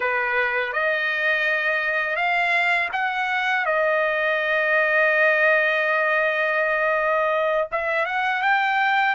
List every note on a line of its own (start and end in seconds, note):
0.00 0.73 B4
0.73 2.16 D#5
2.16 2.89 F5
2.92 3.65 F#5
3.65 7.68 D#5
7.71 8.05 E5
8.05 8.41 F#5
8.41 9.15 G5